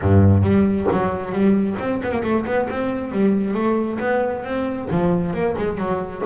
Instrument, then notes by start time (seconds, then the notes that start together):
double bass
0.01 G2
0.42 G3
0.92 F#3
1.32 G3
1.79 C4
2.03 B3
2.11 A#3
2.23 A3
2.45 B3
2.69 C4
3.11 G3
3.54 A3
3.99 B3
4.43 C4
4.91 F3
5.33 A#3
5.57 G#3
5.77 F#3